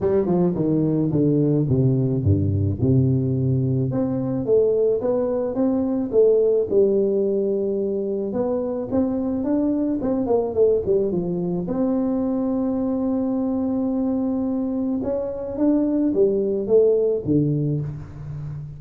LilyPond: \new Staff \with { instrumentName = "tuba" } { \time 4/4 \tempo 4 = 108 g8 f8 dis4 d4 c4 | g,4 c2 c'4 | a4 b4 c'4 a4 | g2. b4 |
c'4 d'4 c'8 ais8 a8 g8 | f4 c'2.~ | c'2. cis'4 | d'4 g4 a4 d4 | }